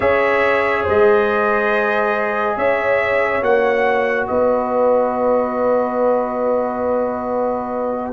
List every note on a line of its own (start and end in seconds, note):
0.00 0.84 C#4
0.00 3.41 G#4
0.00 0.84 C#5
0.00 0.85 E5
0.84 2.56 G#3
0.84 2.55 C5
0.84 2.57 D#5
2.56 3.41 C#4
2.56 4.27 C#5
2.56 3.43 E5
3.41 4.27 A#3
3.41 8.12 F#4
3.41 4.26 F#5
4.26 8.12 B3
4.26 8.12 B4
4.26 8.12 D#5